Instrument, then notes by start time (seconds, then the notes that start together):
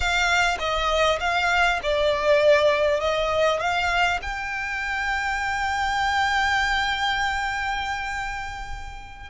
violin
0.00 F5
0.59 D#5
1.20 F5
1.82 D5
3.00 D#5
3.60 F5
4.21 G5